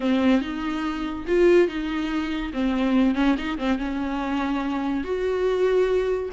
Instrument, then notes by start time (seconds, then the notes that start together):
viola
0.00 C4
0.41 D#4
1.27 F4
1.68 D#4
2.53 C4
3.14 C#4
3.38 D#4
3.57 C4
3.78 C#4
5.03 F#4